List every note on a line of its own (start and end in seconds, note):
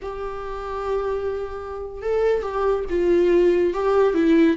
0.01 2.02 G4
2.02 2.42 A4
2.42 2.85 G4
2.89 3.73 F4
3.73 4.14 G4
4.14 4.56 E4